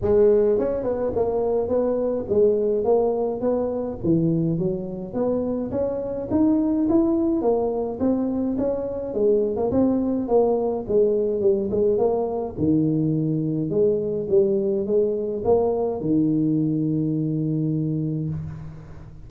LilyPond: \new Staff \with { instrumentName = "tuba" } { \time 4/4 \tempo 4 = 105 gis4 cis'8 b8 ais4 b4 | gis4 ais4 b4 e4 | fis4 b4 cis'4 dis'4 | e'4 ais4 c'4 cis'4 |
gis8. ais16 c'4 ais4 gis4 | g8 gis8 ais4 dis2 | gis4 g4 gis4 ais4 | dis1 | }